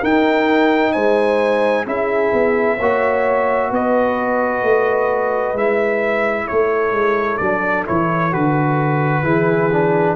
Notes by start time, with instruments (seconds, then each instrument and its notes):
0.00 trombone D#4, tuba D#4, horn A#4, trumpet G5
0.92 tuba G#3, horn C5, trumpet G#5
1.86 tuba C#4, trombone E4, horn G#4, trumpet E5
2.33 tuba B3
2.77 tuba A#3, trombone F#4, horn C#5
3.71 tuba B3, horn B4, trumpet D#5
4.63 tuba A3
5.54 tuba G#3, trombone E4, trumpet E5
6.47 tuba A3, horn A4, trumpet C#5
6.92 tuba G#3
7.37 tuba F#3, trombone D4, trumpet D5
7.86 tuba E3, trombone E4, trumpet C#5
8.32 tuba D3, trombone F#4, trumpet B4
9.23 tuba E3, trombone E4, horn G#4
9.73 trombone D4